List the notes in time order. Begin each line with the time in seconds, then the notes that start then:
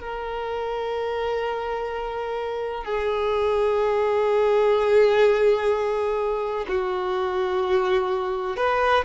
0.00 A#4
2.84 G#4
6.68 F#4
8.56 B4